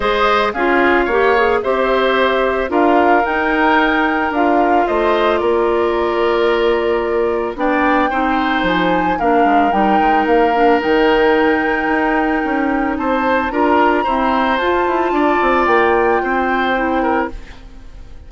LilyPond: <<
  \new Staff \with { instrumentName = "flute" } { \time 4/4 \tempo 4 = 111 dis''4 f''2 e''4~ | e''4 f''4 g''2 | f''4 dis''4 d''2~ | d''2 g''2 |
gis''4 f''4 g''4 f''4 | g''1 | a''4 ais''2 a''4~ | a''4 g''2. | }
  \new Staff \with { instrumentName = "oboe" } { \time 4/4 c''4 gis'4 cis''4 c''4~ | c''4 ais'2.~ | ais'4 c''4 ais'2~ | ais'2 d''4 c''4~ |
c''4 ais'2.~ | ais'1 | c''4 ais'4 c''2 | d''2 c''4. ais'8 | }
  \new Staff \with { instrumentName = "clarinet" } { \time 4/4 gis'4 f'4 g'8 gis'8 g'4~ | g'4 f'4 dis'2 | f'1~ | f'2 d'4 dis'4~ |
dis'4 d'4 dis'4. d'8 | dis'1~ | dis'4 f'4 c'4 f'4~ | f'2. e'4 | }
  \new Staff \with { instrumentName = "bassoon" } { \time 4/4 gis4 cis'4 ais4 c'4~ | c'4 d'4 dis'2 | d'4 a4 ais2~ | ais2 b4 c'4 |
f4 ais8 gis8 g8 gis8 ais4 | dis2 dis'4 cis'4 | c'4 d'4 e'4 f'8 e'8 | d'8 c'8 ais4 c'2 | }
>>